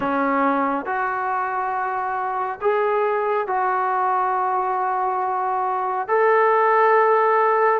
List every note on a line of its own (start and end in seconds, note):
0.00 0.85 C#4
0.85 2.59 F#4
2.61 3.47 G#4
3.47 6.08 F#4
6.08 7.79 A4